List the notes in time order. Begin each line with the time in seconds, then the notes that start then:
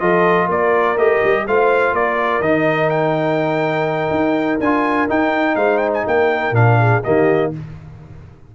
0.00 F3 F4 A4 D#5
0.46 A#3 A#4 D5
0.97 A3 G4 D#5
1.24 G3
1.47 A3 F4 C5 F5
1.93 A#3 A#4 D5
2.40 D#3 D#4 D#5
2.90 G5
4.11 D#4
4.60 D4 F4 G#5
5.09 D#4 G5
5.56 G#3 C5 F5
5.78 G5
5.94 G#5
6.07 A#3 A#4 G5
6.51 A#2 D4 F5
6.80 G#4
7.03 D#3 A#3 G4 D#5